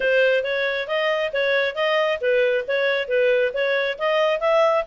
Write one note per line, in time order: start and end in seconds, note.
0.00 0.43 C5
0.43 0.87 C#5
0.87 1.31 D#5
1.32 1.75 C#5
1.75 2.19 D#5
2.20 2.65 B4
2.67 3.08 C#5
3.08 3.52 B4
3.53 3.97 C#5
3.98 4.40 D#5
4.40 4.84 E5